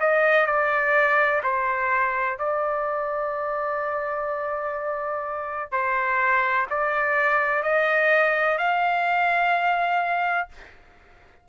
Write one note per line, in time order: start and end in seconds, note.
0.00 0.46 D#5
0.46 1.42 D5
1.43 2.39 C5
2.39 5.72 D5
5.72 6.67 C5
6.70 7.63 D5
7.63 8.58 D#5
8.58 10.48 F5